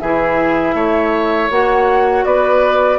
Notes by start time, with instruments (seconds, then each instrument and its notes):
0.00 bassoon E3, clarinet E4, oboe G#4, flute E5
0.74 bassoon A3, oboe C#5
1.50 bassoon A#3, clarinet F#4, flute F#5
2.25 bassoon B3, oboe B4, flute D5